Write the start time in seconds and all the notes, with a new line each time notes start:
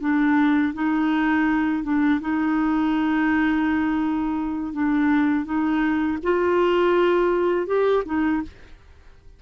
0.00 D4
0.74 D#4
1.84 D4
2.21 D#4
4.73 D4
5.45 D#4
6.23 F4
7.67 G4
8.06 D#4